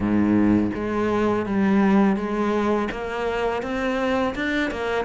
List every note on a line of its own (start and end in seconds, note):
0.00 0.70 G#2
0.74 1.46 G#3
1.46 2.16 G3
2.16 2.88 G#3
2.91 3.62 A#3
3.62 4.34 C4
4.35 4.70 D4
4.70 5.04 A#3